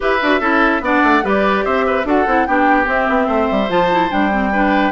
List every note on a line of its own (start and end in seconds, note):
0.00 0.22 E4
0.00 0.19 G4
0.00 0.40 B4
0.00 0.84 E5
0.22 0.40 D4
0.22 0.41 F#4
0.40 0.81 C#4
0.40 0.82 E4
0.40 0.81 A4
0.81 1.01 B3
0.81 1.23 D4
0.81 1.23 D5
0.81 1.25 F#5
1.03 1.23 A3
1.23 1.65 G3
1.23 2.05 G4
1.23 1.64 B4
1.23 1.65 D5
1.64 2.04 C4
1.64 1.85 C5
1.64 2.06 E5
1.86 2.06 B4
2.04 2.25 D4
2.04 2.25 F#4
2.04 2.47 A4
2.04 2.46 F#5
2.26 2.46 C4
2.26 2.47 E4
2.46 2.86 B3
2.46 2.84 D4
2.46 3.26 G4
2.46 2.87 G5
2.84 3.66 C4
2.84 3.07 C4
2.84 3.70 E5
3.09 3.28 B3
3.26 3.48 A3
3.26 4.50 C5
3.50 3.69 G3
3.68 4.10 F3
3.68 3.89 F4
3.68 4.11 A5
3.91 4.10 E4
4.10 4.92 G3
4.10 4.30 D4
4.10 4.92 G5
4.31 4.52 C4
4.52 4.92 D4
4.52 4.92 B4